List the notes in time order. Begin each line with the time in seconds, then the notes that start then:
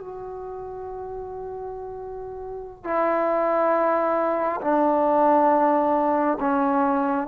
0.00 F#4
2.84 E4
4.62 D4
6.40 C#4